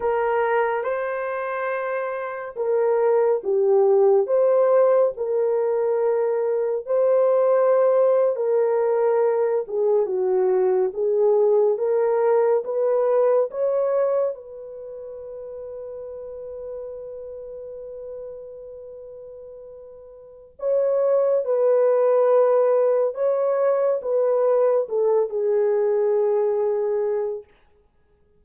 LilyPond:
\new Staff \with { instrumentName = "horn" } { \time 4/4 \tempo 4 = 70 ais'4 c''2 ais'4 | g'4 c''4 ais'2 | c''4.~ c''16 ais'4. gis'8 fis'16~ | fis'8. gis'4 ais'4 b'4 cis''16~ |
cis''8. b'2.~ b'16~ | b'1 | cis''4 b'2 cis''4 | b'4 a'8 gis'2~ gis'8 | }